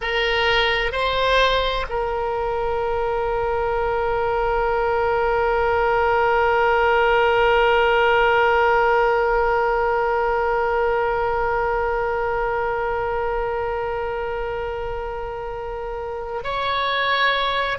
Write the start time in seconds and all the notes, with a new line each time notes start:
0.01 A#4
0.92 C5
1.89 A#4
16.43 C#5